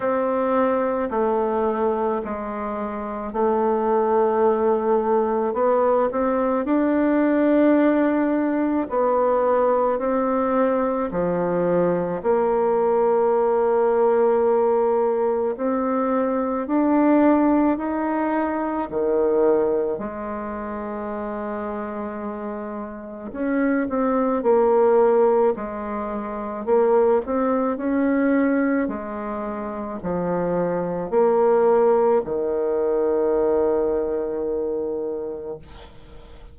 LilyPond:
\new Staff \with { instrumentName = "bassoon" } { \time 4/4 \tempo 4 = 54 c'4 a4 gis4 a4~ | a4 b8 c'8 d'2 | b4 c'4 f4 ais4~ | ais2 c'4 d'4 |
dis'4 dis4 gis2~ | gis4 cis'8 c'8 ais4 gis4 | ais8 c'8 cis'4 gis4 f4 | ais4 dis2. | }